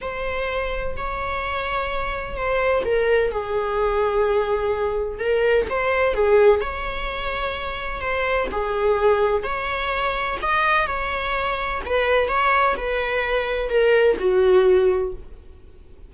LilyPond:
\new Staff \with { instrumentName = "viola" } { \time 4/4 \tempo 4 = 127 c''2 cis''2~ | cis''4 c''4 ais'4 gis'4~ | gis'2. ais'4 | c''4 gis'4 cis''2~ |
cis''4 c''4 gis'2 | cis''2 dis''4 cis''4~ | cis''4 b'4 cis''4 b'4~ | b'4 ais'4 fis'2 | }